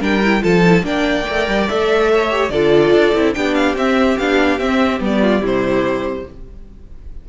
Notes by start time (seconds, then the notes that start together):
0.00 G3 D4 A#4 G5
0.23 E4
0.41 F3 F4 A4 A5
0.66 E4
0.82 A#3 D4 D5 G5
1.28 A3 A#4
1.48 G3
1.68 A3 A4 E5
2.12 C#5
2.30 G4
2.49 D3 F4 A4 D5
2.92 D4
3.14 C4 E4
3.34 B3 D4 G4 G5
3.54 F5
3.75 C4 E5
4.18 B3 D4 F5
4.59 C4 E5
5.00 G3 B3 D5
5.21 F4
5.41 C3 G3 E4 C5